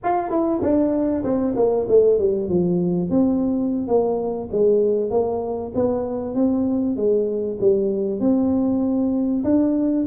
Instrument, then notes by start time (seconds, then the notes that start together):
tuba
0.03 F4
0.30 E4
0.62 D4
1.23 C4
1.56 A#3
1.88 A3
2.18 G3
2.48 F3
3.10 C4
3.87 A#3
4.52 G#3
5.10 A#3
5.74 B3
6.35 C4
6.96 G#3
7.61 G3
8.20 C4
9.44 D4